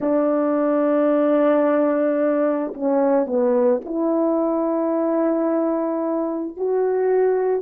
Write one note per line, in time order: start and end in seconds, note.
0.00 2.73 D4
2.73 3.26 C#4
3.26 3.80 B3
3.85 6.57 E4
6.57 7.62 F#4